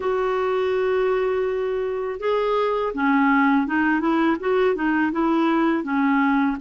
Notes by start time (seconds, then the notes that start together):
0.00 F#4
2.19 G#4
2.94 C#4
3.66 D#4
4.00 E4
4.40 F#4
4.75 D#4
5.12 E4
5.83 C#4